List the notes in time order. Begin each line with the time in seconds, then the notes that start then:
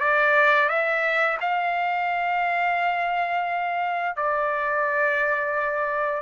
0.00 D5
0.69 E5
1.40 F5
4.16 D5